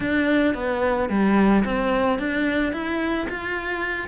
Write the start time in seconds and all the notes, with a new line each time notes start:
0.00 D4
0.54 B3
1.09 G3
1.64 C4
2.18 D4
2.72 E4
3.29 F4